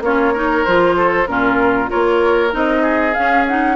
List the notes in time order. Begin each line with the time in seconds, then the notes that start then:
0.00 A#3 C#4 F4 C#5
0.33 D#4 A#4
0.64 F3 F4 C5
0.96 A4
1.27 A#2 C#4 F4 A#4
1.88 A#3 F4 A#4 C#5
2.51 C4 D#4 D#5
2.82 G#4
3.14 C#4 F5
3.47 D#4 F#5